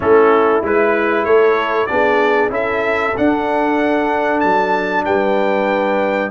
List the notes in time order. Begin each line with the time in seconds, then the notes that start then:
0.00 A3 C#4 E4 A4
0.62 G#3 E4 B4
1.24 A3 A4 C#5
1.86 B3 D4 G#4 D5
2.49 C#4 E4 A4 E5
3.16 D4 F#5
4.40 F#3 A5
5.05 G3 B4 G5